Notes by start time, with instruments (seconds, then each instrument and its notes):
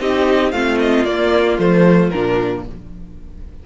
0.00 cello C4, viola D#4, violin G4 D#5
0.52 cello A3, viola C4, violin F4 F5
0.80 violin D#5
1.05 cello A#3, viola A#3, violin D5
1.59 cello F3, viola A3, violin C5
2.10 cello A#2, viola D4, violin A#4